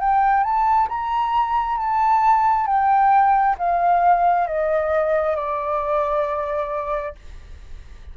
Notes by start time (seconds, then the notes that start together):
0.00 G5
0.44 A5
0.89 A#5
1.78 A5
2.67 G5
3.58 F5
4.47 D#5
5.36 D5